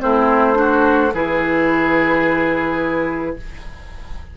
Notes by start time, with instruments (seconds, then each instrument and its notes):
0.00 bassoon A3, clarinet C4, oboe E4, flute C5
0.54 clarinet D4, oboe F#4
1.13 bassoon E3, clarinet E4, oboe G#4, flute B4